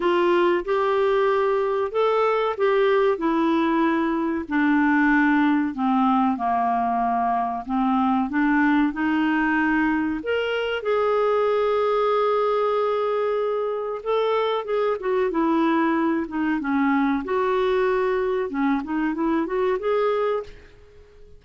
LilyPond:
\new Staff \with { instrumentName = "clarinet" } { \time 4/4 \tempo 4 = 94 f'4 g'2 a'4 | g'4 e'2 d'4~ | d'4 c'4 ais2 | c'4 d'4 dis'2 |
ais'4 gis'2.~ | gis'2 a'4 gis'8 fis'8 | e'4. dis'8 cis'4 fis'4~ | fis'4 cis'8 dis'8 e'8 fis'8 gis'4 | }